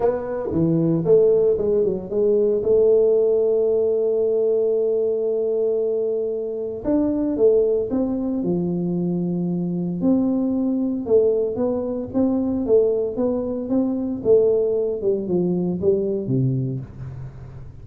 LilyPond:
\new Staff \with { instrumentName = "tuba" } { \time 4/4 \tempo 4 = 114 b4 e4 a4 gis8 fis8 | gis4 a2.~ | a1~ | a4 d'4 a4 c'4 |
f2. c'4~ | c'4 a4 b4 c'4 | a4 b4 c'4 a4~ | a8 g8 f4 g4 c4 | }